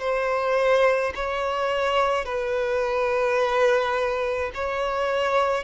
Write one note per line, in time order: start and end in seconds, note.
0.00 1.13 C5
1.15 2.25 C#5
2.25 4.52 B4
4.54 5.64 C#5